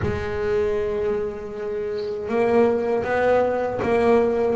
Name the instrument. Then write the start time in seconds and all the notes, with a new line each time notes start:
double bass
0.02 G#3
2.28 A#3
3.03 B3
3.82 A#3